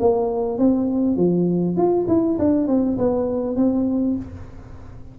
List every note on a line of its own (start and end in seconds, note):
0.00 0.58 A#3
0.58 1.17 C4
1.17 1.77 F3
1.77 2.07 F4
2.08 2.38 E4
2.39 2.68 D4
2.68 2.98 C4
2.98 3.56 B3
3.56 4.16 C4